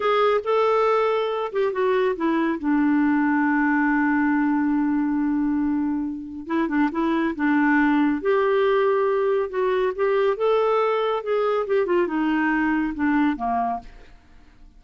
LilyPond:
\new Staff \with { instrumentName = "clarinet" } { \time 4/4 \tempo 4 = 139 gis'4 a'2~ a'8 g'8 | fis'4 e'4 d'2~ | d'1~ | d'2. e'8 d'8 |
e'4 d'2 g'4~ | g'2 fis'4 g'4 | a'2 gis'4 g'8 f'8 | dis'2 d'4 ais4 | }